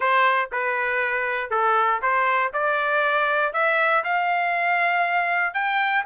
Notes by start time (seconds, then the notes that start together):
0.00 C5
0.52 B4
1.50 A4
2.01 C5
2.53 D5
3.53 E5
4.04 F5
5.53 G5